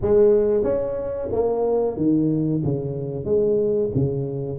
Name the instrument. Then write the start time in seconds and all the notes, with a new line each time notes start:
tuba
0.01 G#3
0.63 C#4
1.32 A#3
1.96 D#3
2.64 C#3
3.24 G#3
3.94 C#3